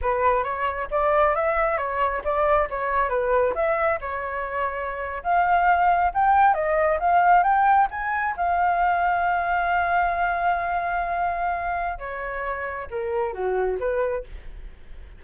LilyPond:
\new Staff \with { instrumentName = "flute" } { \time 4/4 \tempo 4 = 135 b'4 cis''4 d''4 e''4 | cis''4 d''4 cis''4 b'4 | e''4 cis''2~ cis''8. f''16~ | f''4.~ f''16 g''4 dis''4 f''16~ |
f''8. g''4 gis''4 f''4~ f''16~ | f''1~ | f''2. cis''4~ | cis''4 ais'4 fis'4 b'4 | }